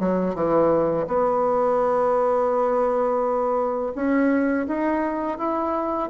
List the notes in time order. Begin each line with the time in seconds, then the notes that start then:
0.00 F#3
0.35 E3
1.07 B3
3.95 C#4
4.68 D#4
5.38 E4